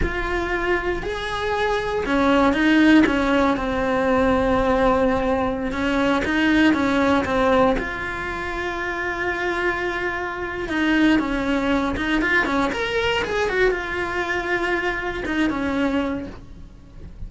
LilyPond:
\new Staff \with { instrumentName = "cello" } { \time 4/4 \tempo 4 = 118 f'2 gis'2 | cis'4 dis'4 cis'4 c'4~ | c'2.~ c'16 cis'8.~ | cis'16 dis'4 cis'4 c'4 f'8.~ |
f'1~ | f'4 dis'4 cis'4. dis'8 | f'8 cis'8 ais'4 gis'8 fis'8 f'4~ | f'2 dis'8 cis'4. | }